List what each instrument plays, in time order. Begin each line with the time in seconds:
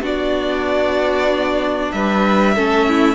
0.00 cello B3, viola D4, violin F#4 D5
1.91 cello G3, violin B4 E5
2.55 cello A3, viola C#4, violin A4
2.87 violin E4